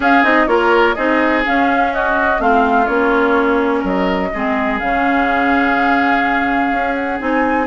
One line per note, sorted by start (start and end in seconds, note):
0.00 0.23 C#4
0.00 0.45 G#4
0.00 0.24 F5
0.23 0.47 C4
0.23 0.47 D#4
0.23 0.46 D#5
0.46 0.95 A#3
0.46 0.95 F4
0.46 0.95 A#4
0.46 0.94 C#5
0.94 1.45 C4
0.94 1.44 D#4
0.94 1.91 G#4
0.94 1.42 D#5
1.44 2.38 C#4
1.44 2.39 C#4
1.44 1.93 F5
1.93 2.41 F#4
1.93 2.41 D#5
2.38 2.87 A3
2.38 2.86 C4
2.38 3.79 F4
2.38 2.86 F5
2.86 3.83 A#3
2.86 4.31 C#4
2.86 3.82 C#5
3.79 4.31 F#3
3.79 4.27 A#4
3.85 4.79 D#5
4.34 4.80 G#3
4.34 4.80 C4
4.34 7.67 G#4
4.79 6.71 C#3
4.79 7.19 C#4
4.79 6.95 F5
6.71 7.19 C#4
6.95 7.19 F#5
7.19 7.67 C4
7.19 7.67 D#4
7.19 7.67 G#5